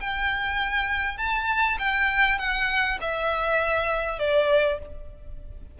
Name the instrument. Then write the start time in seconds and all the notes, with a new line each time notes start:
violin
0.00 G5
1.18 A5
1.79 G5
2.38 F#5
3.01 E5
4.19 D5